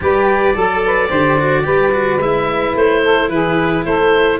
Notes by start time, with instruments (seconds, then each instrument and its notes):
0.01 tuba G3, cello G4, saxophone B4, oboe D5
0.54 tuba F#3, cello A4, saxophone A4
0.85 saxophone B4
1.08 tuba D3, cello G4, saxophone C5
1.38 cello F#4
1.63 tuba G3, cello G4, saxophone B4
1.91 cello F#4
2.17 tuba G#3, cello E4, oboe E5
2.75 tuba A3, oboe C5
3.03 saxophone A4
3.28 tuba E3, saxophone G#4, oboe B4
3.85 tuba A3, saxophone A4, oboe C5